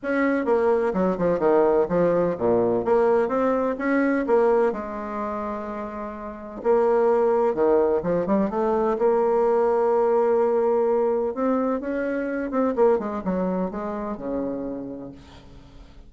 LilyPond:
\new Staff \with { instrumentName = "bassoon" } { \time 4/4 \tempo 4 = 127 cis'4 ais4 fis8 f8 dis4 | f4 ais,4 ais4 c'4 | cis'4 ais4 gis2~ | gis2 ais2 |
dis4 f8 g8 a4 ais4~ | ais1 | c'4 cis'4. c'8 ais8 gis8 | fis4 gis4 cis2 | }